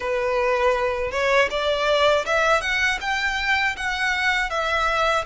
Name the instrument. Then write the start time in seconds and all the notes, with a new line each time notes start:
violin
0.00 B4
1.11 C#5
1.50 D5
2.25 E5
2.61 F#5
3.00 G5
3.76 F#5
4.50 E5